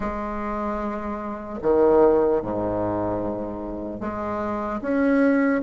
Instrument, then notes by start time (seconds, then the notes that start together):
bassoon
0.00 G#3
1.61 D#3
2.41 G#2
4.00 G#3
4.81 C#4